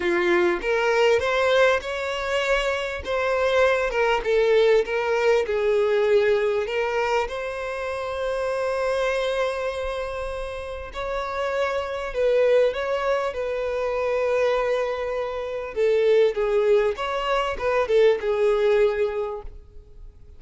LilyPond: \new Staff \with { instrumentName = "violin" } { \time 4/4 \tempo 4 = 99 f'4 ais'4 c''4 cis''4~ | cis''4 c''4. ais'8 a'4 | ais'4 gis'2 ais'4 | c''1~ |
c''2 cis''2 | b'4 cis''4 b'2~ | b'2 a'4 gis'4 | cis''4 b'8 a'8 gis'2 | }